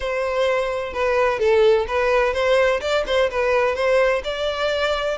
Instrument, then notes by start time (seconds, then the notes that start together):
violin
0.00 C5
0.93 B4
1.39 A4
1.87 B4
2.33 C5
2.80 D5
3.06 C5
3.30 B4
3.75 C5
4.23 D5